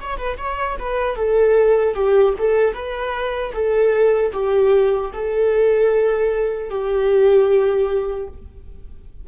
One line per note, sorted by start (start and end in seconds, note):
0.00 0.17 C#5
0.17 0.37 B4
0.37 0.76 C#5
0.79 1.16 B4
1.16 1.94 A4
1.94 2.34 G4
2.38 2.73 A4
2.73 3.52 B4
3.53 4.32 A4
4.32 5.11 G4
5.13 6.70 A4
6.70 8.28 G4